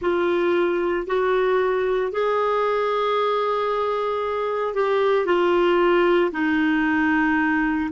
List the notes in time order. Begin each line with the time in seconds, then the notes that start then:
0.01 F4
1.07 F#4
2.11 G#4
4.74 G4
5.26 F4
6.32 D#4